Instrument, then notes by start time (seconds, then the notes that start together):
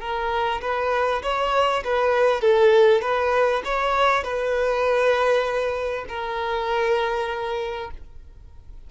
violin
0.00 A#4
0.61 B4
1.22 C#5
1.84 B4
2.41 A4
3.01 B4
3.64 C#5
4.23 B4
6.08 A#4